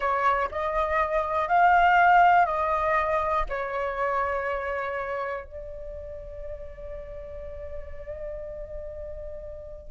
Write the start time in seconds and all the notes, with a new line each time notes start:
0.00 C#5
0.51 D#5
1.48 F5
2.45 D#5
3.49 C#5
5.45 D5